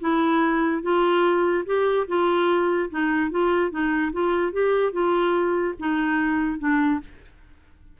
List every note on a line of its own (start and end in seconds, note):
0.00 0.82 E4
0.82 1.64 F4
1.66 2.07 G4
2.08 2.90 F4
2.90 3.31 D#4
3.31 3.71 F4
3.71 4.12 D#4
4.12 4.52 F4
4.52 4.92 G4
4.92 5.74 F4
5.79 6.59 D#4
6.59 7.00 D4